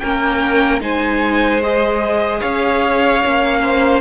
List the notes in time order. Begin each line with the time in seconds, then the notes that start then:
0.00 A#3 C#4 A#4 G5
0.81 G#3 D#4 C5 G#5
1.62 G#4 D#5
2.40 C#4 C#5 F5
3.23 A#3 C#4
3.63 C5